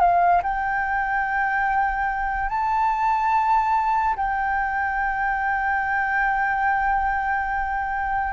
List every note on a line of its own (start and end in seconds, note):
0.00 0.42 F5
0.43 2.49 G5
2.49 4.16 A5
4.16 8.33 G5